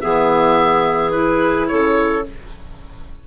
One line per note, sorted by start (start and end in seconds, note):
0.00 1.71 E3
0.00 1.11 B3
0.00 1.68 G#4
0.00 1.11 E5
1.11 2.22 E4
1.11 1.66 B4
1.67 2.26 C#3
1.67 2.25 A4
1.67 2.23 C#5